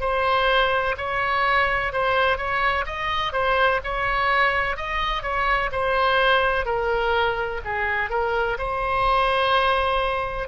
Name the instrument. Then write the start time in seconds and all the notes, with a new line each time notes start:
oboe
0.00 C5
0.97 C#5
1.92 C5
2.37 C#5
2.86 D#5
3.32 C5
3.84 C#5
4.77 D#5
5.23 C#5
5.72 C5
6.65 A#4
7.65 G#4
8.10 A#4
8.58 C5